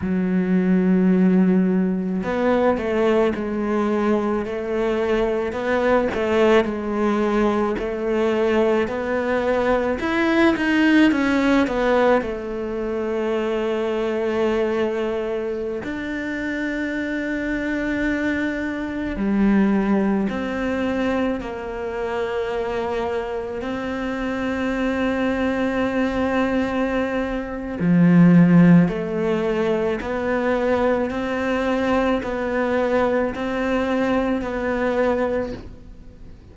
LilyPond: \new Staff \with { instrumentName = "cello" } { \time 4/4 \tempo 4 = 54 fis2 b8 a8 gis4 | a4 b8 a8 gis4 a4 | b4 e'8 dis'8 cis'8 b8 a4~ | a2~ a16 d'4.~ d'16~ |
d'4~ d'16 g4 c'4 ais8.~ | ais4~ ais16 c'2~ c'8.~ | c'4 f4 a4 b4 | c'4 b4 c'4 b4 | }